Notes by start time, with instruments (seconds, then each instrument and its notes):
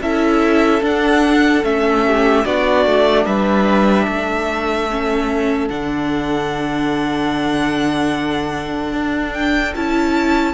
0.00 cello C#4, viola E4, violin A4 E5
0.81 viola D4, cello D4, violin F#5
1.63 cello A3, viola C#4, violin E5
2.06 violin G4
2.45 cello B3, viola D4, violin F#4 D5
2.85 cello A3
3.25 cello G3, violin B4 E5
4.05 cello A3, violin A4
4.90 viola C#4
5.68 cello D3, viola D4, violin F#5
8.92 cello D4
9.33 violin G5
9.75 cello C#4, viola E4, violin A5